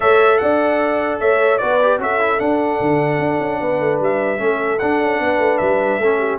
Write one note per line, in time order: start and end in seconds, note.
0.00 0.41 A3
0.00 1.59 A4
0.00 0.40 C#5
0.00 0.38 E5
0.38 1.20 D4
0.38 1.21 D5
0.38 1.18 F#5
1.19 1.60 A3
1.19 1.60 C#5
1.19 1.58 E5
1.58 1.98 B3
1.58 1.80 F#4
1.58 2.00 B4
1.58 1.98 D5
1.82 1.99 G4
1.98 2.38 C#4
1.98 2.19 F#4
1.98 3.60 A4
1.98 2.39 E5
2.19 2.38 E4
2.38 4.38 D4
2.38 2.80 D4
2.38 3.99 F#5
2.80 3.19 D3
3.19 3.39 D4
3.39 3.59 C#4
3.60 3.80 B3
3.60 4.40 B4
3.80 4.00 A3
4.00 4.39 G3
4.00 4.79 E5
4.38 4.79 A3
4.38 4.78 C#4
4.38 5.22 A4
4.79 6.01 D4
4.79 5.01 D4
4.79 5.57 F#5
5.01 5.19 C#4
5.19 5.38 B3
5.19 6.00 B4
5.38 5.58 A3
5.57 5.98 G3
5.57 6.37 E5
5.98 6.38 A3
5.98 6.38 C#4
5.98 6.18 A4
6.18 6.38 G4